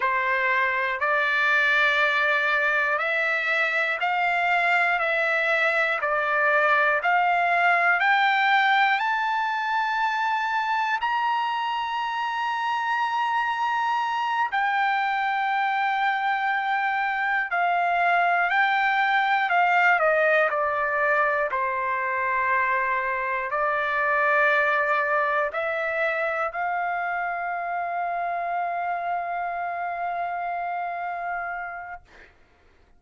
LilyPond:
\new Staff \with { instrumentName = "trumpet" } { \time 4/4 \tempo 4 = 60 c''4 d''2 e''4 | f''4 e''4 d''4 f''4 | g''4 a''2 ais''4~ | ais''2~ ais''8 g''4.~ |
g''4. f''4 g''4 f''8 | dis''8 d''4 c''2 d''8~ | d''4. e''4 f''4.~ | f''1 | }